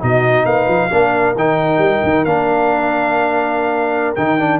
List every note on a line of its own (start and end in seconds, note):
0.00 0.45 B2
0.00 0.90 D#4
0.00 0.46 F#4
0.00 0.45 D#5
0.45 0.67 A#3
0.45 0.90 B4
0.45 1.35 F5
0.67 0.90 F3
0.90 1.35 A#3
0.90 1.35 D4
0.90 4.59 A#4
1.35 1.78 D#3
1.35 2.26 D#4
1.35 2.24 G5
1.78 2.00 G3
2.03 2.25 D#3
2.24 4.15 A#3
2.24 4.16 D4
2.24 4.15 F5
4.15 4.59 D#3
4.15 4.39 D#4
4.15 4.59 G5
4.39 4.59 D4